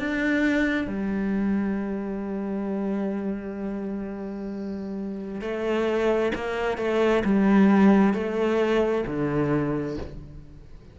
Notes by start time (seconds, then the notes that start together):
0.00 D4
0.88 G3
5.41 A3
6.35 A#3
6.78 A3
7.25 G3
8.14 A3
9.07 D3